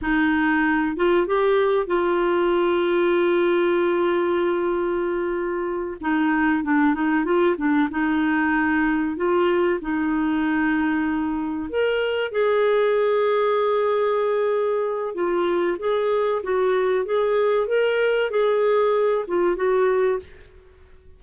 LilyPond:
\new Staff \with { instrumentName = "clarinet" } { \time 4/4 \tempo 4 = 95 dis'4. f'8 g'4 f'4~ | f'1~ | f'4. dis'4 d'8 dis'8 f'8 | d'8 dis'2 f'4 dis'8~ |
dis'2~ dis'8 ais'4 gis'8~ | gis'1 | f'4 gis'4 fis'4 gis'4 | ais'4 gis'4. f'8 fis'4 | }